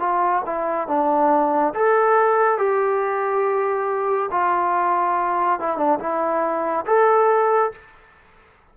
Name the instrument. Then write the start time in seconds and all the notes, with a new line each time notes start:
trombone
0.00 F4
0.46 E4
0.88 D4
1.74 A4
2.58 G4
4.31 F4
5.59 E4
5.77 D4
6.00 E4
6.86 A4